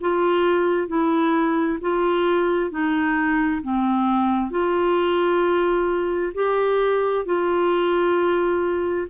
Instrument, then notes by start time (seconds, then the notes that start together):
clarinet
0.00 F4
0.87 E4
1.81 F4
2.70 D#4
3.62 C4
4.50 F4
6.34 G4
7.25 F4